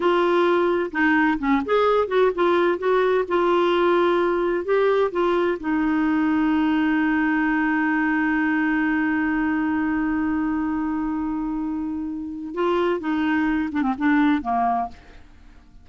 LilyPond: \new Staff \with { instrumentName = "clarinet" } { \time 4/4 \tempo 4 = 129 f'2 dis'4 cis'8 gis'8~ | gis'8 fis'8 f'4 fis'4 f'4~ | f'2 g'4 f'4 | dis'1~ |
dis'1~ | dis'1~ | dis'2. f'4 | dis'4. d'16 c'16 d'4 ais4 | }